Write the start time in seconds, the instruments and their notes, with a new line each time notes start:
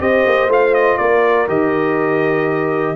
0.00 tuba C4, trombone G4, horn C5, trumpet D#5
0.26 tuba A#3
0.48 tuba A3, trombone F4, trumpet F5
0.75 trumpet D#5
0.98 tuba A#3, horn A#4, trumpet D5
1.48 tuba D#3, trombone G4, trumpet D#5